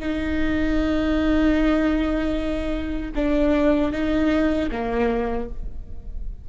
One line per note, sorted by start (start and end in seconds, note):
0.00 3.12 D#4
3.16 3.92 D4
3.92 4.70 D#4
4.72 5.50 A#3